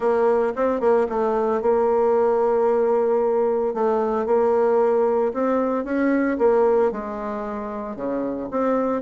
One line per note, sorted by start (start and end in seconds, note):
0.00 0.53 A#3
0.55 0.80 C4
0.80 1.06 A#3
1.09 1.61 A3
1.61 3.73 A#3
3.73 4.26 A3
4.26 5.32 A#3
5.33 5.84 C4
5.84 6.37 C#4
6.38 6.91 A#3
6.91 7.95 G#3
7.95 8.49 C#3
8.51 9.01 C4